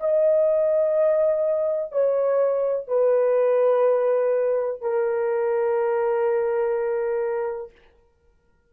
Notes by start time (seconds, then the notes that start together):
0.00 D#5
1.92 C#5
2.87 B4
4.81 A#4